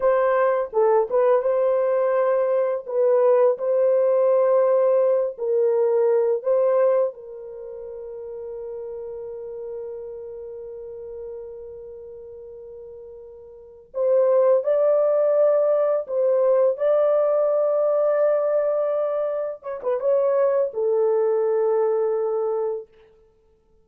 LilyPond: \new Staff \with { instrumentName = "horn" } { \time 4/4 \tempo 4 = 84 c''4 a'8 b'8 c''2 | b'4 c''2~ c''8 ais'8~ | ais'4 c''4 ais'2~ | ais'1~ |
ais'2.~ ais'8 c''8~ | c''8 d''2 c''4 d''8~ | d''2.~ d''8 cis''16 b'16 | cis''4 a'2. | }